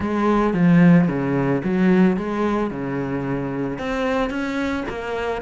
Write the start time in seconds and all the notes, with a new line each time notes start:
0.00 G#3
0.53 F3
1.07 C#3
1.64 F#3
2.16 G#3
2.70 C#3
3.78 C4
4.29 C#4
4.88 A#3